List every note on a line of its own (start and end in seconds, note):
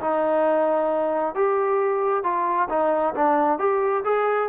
0.00 1.34 D#4
1.35 2.23 G4
2.23 2.68 F4
2.69 3.14 D#4
3.15 3.58 D4
3.58 4.03 G4
4.04 4.49 G#4